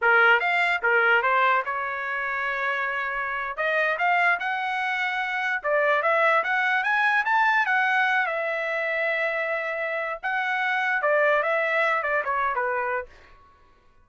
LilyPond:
\new Staff \with { instrumentName = "trumpet" } { \time 4/4 \tempo 4 = 147 ais'4 f''4 ais'4 c''4 | cis''1~ | cis''8. dis''4 f''4 fis''4~ fis''16~ | fis''4.~ fis''16 d''4 e''4 fis''16~ |
fis''8. gis''4 a''4 fis''4~ fis''16~ | fis''16 e''2.~ e''8.~ | e''4 fis''2 d''4 | e''4. d''8 cis''8. b'4~ b'16 | }